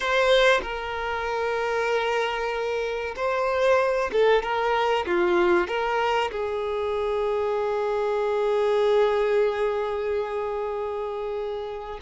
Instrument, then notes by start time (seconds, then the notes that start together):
violin
0.00 C5
0.62 A#4
3.16 C5
4.12 A4
4.42 A#4
5.06 F4
5.67 A#4
6.31 G#4